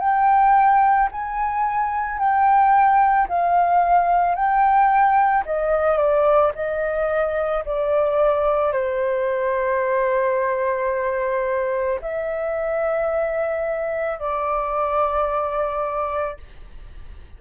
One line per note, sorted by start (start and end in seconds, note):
0.00 1.09 G5
1.12 2.19 G#5
2.19 3.28 G5
3.29 4.35 F5
4.35 5.44 G5
5.46 5.98 D#5
5.98 6.52 D5
6.56 7.65 D#5
7.66 8.73 D5
8.73 12.00 C5
12.02 14.20 E5
14.20 16.38 D5